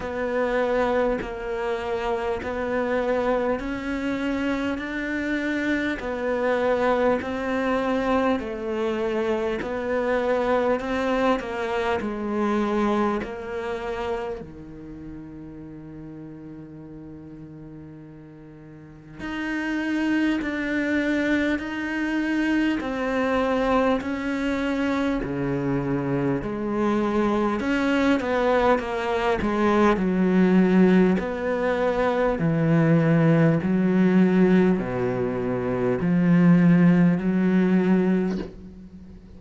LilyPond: \new Staff \with { instrumentName = "cello" } { \time 4/4 \tempo 4 = 50 b4 ais4 b4 cis'4 | d'4 b4 c'4 a4 | b4 c'8 ais8 gis4 ais4 | dis1 |
dis'4 d'4 dis'4 c'4 | cis'4 cis4 gis4 cis'8 b8 | ais8 gis8 fis4 b4 e4 | fis4 b,4 f4 fis4 | }